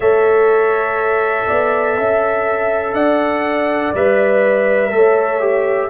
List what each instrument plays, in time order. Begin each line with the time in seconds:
0.00 tuba A3, trombone A4, horn C#5, trumpet E5
1.47 tuba B3, horn D5
1.97 tuba C#4, horn E5
2.93 tuba D4, horn D5, trumpet F#5
3.94 tuba G3, trombone B4, trumpet E5
4.90 tuba A3, trombone A4, horn C#5
5.40 trombone G4